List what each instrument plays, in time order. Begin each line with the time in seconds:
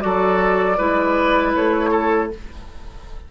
0.00 bassoon F#3, clarinet F#4, oboe A4, flute D5
0.77 bassoon G#3, clarinet E4, oboe B4
1.55 bassoon A3, flute C#5
1.91 oboe A4